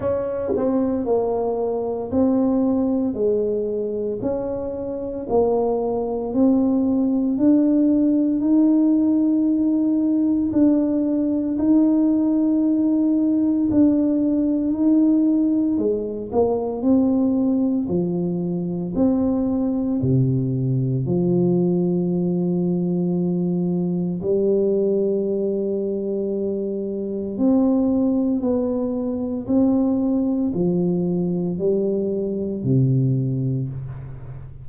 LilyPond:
\new Staff \with { instrumentName = "tuba" } { \time 4/4 \tempo 4 = 57 cis'8 c'8 ais4 c'4 gis4 | cis'4 ais4 c'4 d'4 | dis'2 d'4 dis'4~ | dis'4 d'4 dis'4 gis8 ais8 |
c'4 f4 c'4 c4 | f2. g4~ | g2 c'4 b4 | c'4 f4 g4 c4 | }